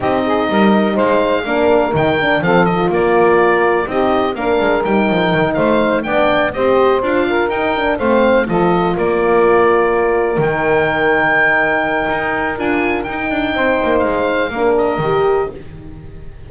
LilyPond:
<<
  \new Staff \with { instrumentName = "oboe" } { \time 4/4 \tempo 4 = 124 dis''2 f''2 | g''4 f''8 dis''8 d''2 | dis''4 f''4 g''4. f''8~ | f''8 g''4 dis''4 f''4 g''8~ |
g''8 f''4 dis''4 d''4.~ | d''4. g''2~ g''8~ | g''2 gis''4 g''4~ | g''4 f''4. dis''4. | }
  \new Staff \with { instrumentName = "saxophone" } { \time 4/4 g'8 gis'8 ais'4 c''4 ais'4~ | ais'4 a'4 ais'2 | g'4 ais'2~ ais'8 c''8~ | c''8 d''4 c''4. ais'4~ |
ais'8 c''4 a'4 ais'4.~ | ais'1~ | ais'1 | c''2 ais'2 | }
  \new Staff \with { instrumentName = "horn" } { \time 4/4 dis'2. d'4 | dis'8 d'8 c'8 f'2~ f'8 | dis'4 d'4 dis'2~ | dis'8 d'4 g'4 f'4 dis'8 |
d'8 c'4 f'2~ f'8~ | f'4. dis'2~ dis'8~ | dis'2 f'4 dis'4~ | dis'2 d'4 g'4 | }
  \new Staff \with { instrumentName = "double bass" } { \time 4/4 c'4 g4 gis4 ais4 | dis4 f4 ais2 | c'4 ais8 gis8 g8 f8 dis8 a8~ | a8 b4 c'4 d'4 dis'8~ |
dis'8 a4 f4 ais4.~ | ais4. dis2~ dis8~ | dis4 dis'4 d'4 dis'8 d'8 | c'8 ais8 gis4 ais4 dis4 | }
>>